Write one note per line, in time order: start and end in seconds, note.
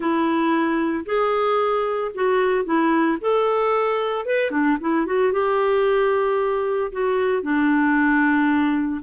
0.00 1.05 E4
1.05 2.11 G#4
2.14 2.64 F#4
2.64 3.17 E4
3.21 4.25 A4
4.25 4.51 B4
4.51 4.77 D4
4.80 5.06 E4
5.06 5.32 F#4
5.32 6.91 G4
6.92 7.42 F#4
7.42 9.01 D4